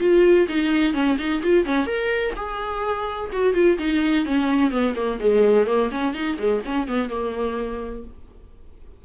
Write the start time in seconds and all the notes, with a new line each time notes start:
0.00 F4
0.48 D#4
0.93 C#4
1.18 D#4
1.43 F4
1.65 C#4
1.87 A#4
2.36 G#4
3.32 F#4
3.54 F4
3.79 D#4
4.26 C#4
4.71 B3
4.96 A#3
5.20 G#3
5.66 A#3
5.91 C#4
6.14 D#4
6.38 G#3
6.65 C#4
6.88 B3
7.10 A#3